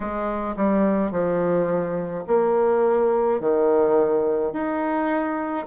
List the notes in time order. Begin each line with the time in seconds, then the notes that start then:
0.00 G#3
0.56 G3
1.11 F3
2.26 A#3
3.40 D#3
4.53 D#4